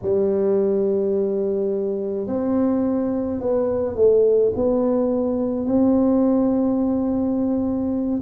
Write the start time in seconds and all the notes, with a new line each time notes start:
0.02 G3
2.26 C4
3.40 B3
3.95 A3
4.55 B3
5.65 C4